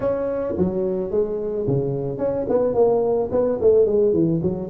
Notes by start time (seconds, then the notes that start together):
0.00 C#4
0.57 F#3
1.10 G#3
1.67 C#3
2.18 C#4
2.49 B3
2.74 A#3
3.31 B3
3.61 A3
3.86 G#3
4.13 E3
4.42 F#3